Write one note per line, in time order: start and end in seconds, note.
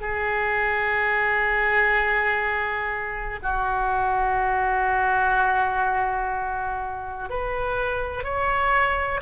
0.00 3.39 G#4
3.42 7.29 F#4
7.29 8.23 B4
8.23 9.20 C#5